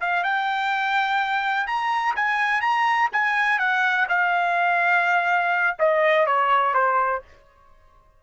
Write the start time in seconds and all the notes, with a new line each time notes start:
0.00 F5
0.23 G5
1.66 A#5
2.15 G#5
2.61 A#5
3.12 G#5
3.58 F#5
4.08 F5
5.78 D#5
6.26 C#5
6.74 C5